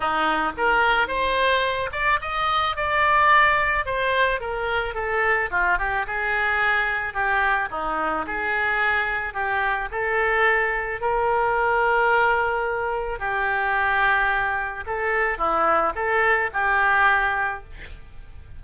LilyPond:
\new Staff \with { instrumentName = "oboe" } { \time 4/4 \tempo 4 = 109 dis'4 ais'4 c''4. d''8 | dis''4 d''2 c''4 | ais'4 a'4 f'8 g'8 gis'4~ | gis'4 g'4 dis'4 gis'4~ |
gis'4 g'4 a'2 | ais'1 | g'2. a'4 | e'4 a'4 g'2 | }